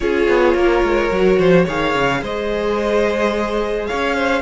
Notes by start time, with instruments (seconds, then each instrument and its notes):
0.00 cello C#4, viola F4, violin G#4 C#5
0.28 cello B3
0.54 cello A#3, violin A#4
0.82 cello G#3
1.10 cello F#3, viola F#4
1.38 cello F3, violin C5
1.65 cello D#3, viola G#4, violin C#5 F5
1.95 cello C#3
2.22 cello G#3, violin C5 D#5
3.87 cello C#4, violin C#5 F5
4.15 violin C5